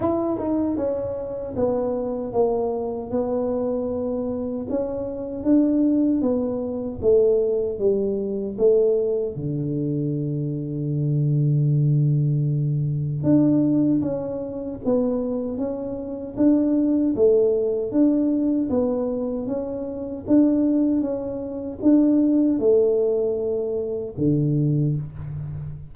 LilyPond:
\new Staff \with { instrumentName = "tuba" } { \time 4/4 \tempo 4 = 77 e'8 dis'8 cis'4 b4 ais4 | b2 cis'4 d'4 | b4 a4 g4 a4 | d1~ |
d4 d'4 cis'4 b4 | cis'4 d'4 a4 d'4 | b4 cis'4 d'4 cis'4 | d'4 a2 d4 | }